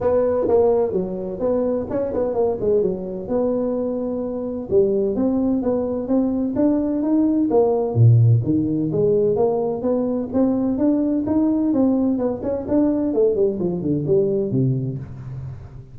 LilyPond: \new Staff \with { instrumentName = "tuba" } { \time 4/4 \tempo 4 = 128 b4 ais4 fis4 b4 | cis'8 b8 ais8 gis8 fis4 b4~ | b2 g4 c'4 | b4 c'4 d'4 dis'4 |
ais4 ais,4 dis4 gis4 | ais4 b4 c'4 d'4 | dis'4 c'4 b8 cis'8 d'4 | a8 g8 f8 d8 g4 c4 | }